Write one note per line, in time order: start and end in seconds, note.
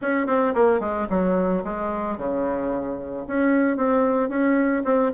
0.01 0.26 C#4
0.26 0.53 C4
0.54 0.80 A#3
0.80 1.07 G#3
1.09 1.63 F#3
1.64 2.17 G#3
2.17 3.26 C#3
3.27 3.76 C#4
3.76 4.29 C4
4.29 4.83 C#4
4.84 5.11 C4